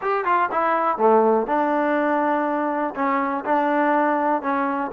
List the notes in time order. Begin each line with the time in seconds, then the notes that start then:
0.01 G4
0.24 F4
0.51 E4
0.97 A3
1.46 D4
2.95 C#4
3.45 D4
4.42 C#4